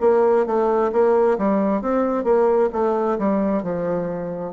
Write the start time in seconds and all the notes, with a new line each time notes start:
0.00 A#3
0.45 A3
0.92 A#3
1.38 G3
1.81 C4
2.24 A#3
2.72 A3
3.18 G3
3.63 F3